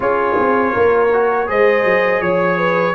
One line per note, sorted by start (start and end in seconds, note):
0.00 0.36 C#4
0.00 1.09 F4
0.00 0.73 G#4
0.00 1.49 C#5
0.39 0.76 C4
0.73 1.49 A#3
0.73 1.47 A#4
1.13 1.46 F#4
1.46 1.84 G#3
1.46 2.95 G#4
1.46 2.22 C5
1.46 2.21 D#5
1.84 2.20 F#3
2.20 2.94 F3
2.20 2.95 C#5
2.20 2.57 C#5
2.57 2.94 B4